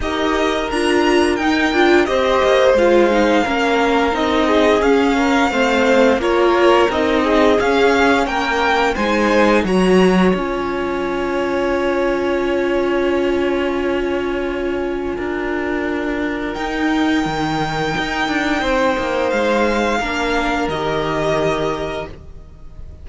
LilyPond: <<
  \new Staff \with { instrumentName = "violin" } { \time 4/4 \tempo 4 = 87 dis''4 ais''4 g''4 dis''4 | f''2 dis''4 f''4~ | f''4 cis''4 dis''4 f''4 | g''4 gis''4 ais''4 gis''4~ |
gis''1~ | gis''1 | g''1 | f''2 dis''2 | }
  \new Staff \with { instrumentName = "violin" } { \time 4/4 ais'2. c''4~ | c''4 ais'4. gis'4 ais'8 | c''4 ais'4. gis'4. | ais'4 c''4 cis''2~ |
cis''1~ | cis''2 ais'2~ | ais'2. c''4~ | c''4 ais'2. | }
  \new Staff \with { instrumentName = "viola" } { \time 4/4 g'4 f'4 dis'8 f'8 g'4 | f'8 dis'8 cis'4 dis'4 cis'4 | c'4 f'4 dis'4 cis'4~ | cis'4 dis'4 fis'4 f'4~ |
f'1~ | f'1 | dis'1~ | dis'4 d'4 g'2 | }
  \new Staff \with { instrumentName = "cello" } { \time 4/4 dis'4 d'4 dis'8 d'8 c'8 ais8 | gis4 ais4 c'4 cis'4 | a4 ais4 c'4 cis'4 | ais4 gis4 fis4 cis'4~ |
cis'1~ | cis'2 d'2 | dis'4 dis4 dis'8 d'8 c'8 ais8 | gis4 ais4 dis2 | }
>>